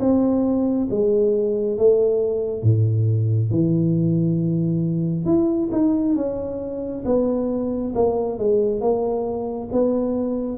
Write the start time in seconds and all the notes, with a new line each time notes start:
0.00 C4
0.91 G#3
1.78 A3
2.64 A2
3.51 E3
5.26 E4
5.72 D#4
6.16 C#4
7.06 B3
7.95 A#3
8.39 G#3
8.81 A#3
9.73 B3